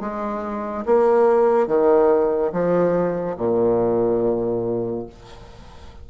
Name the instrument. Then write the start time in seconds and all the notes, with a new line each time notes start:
bassoon
0.00 G#3
0.85 A#3
1.67 D#3
2.52 F3
3.37 A#2